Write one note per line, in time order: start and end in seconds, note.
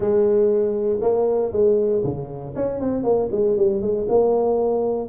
0.00 1.00 G#3
1.01 1.52 A#3
1.52 2.02 G#3
2.03 2.54 C#3
2.55 2.80 C#4
2.80 3.03 C4
3.03 3.29 A#3
3.31 3.56 G#3
3.56 3.81 G3
3.81 4.07 G#3
4.08 5.08 A#3